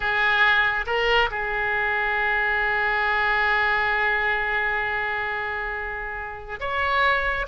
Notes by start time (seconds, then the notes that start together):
0.00 G#4
0.86 A#4
1.31 G#4
6.60 C#5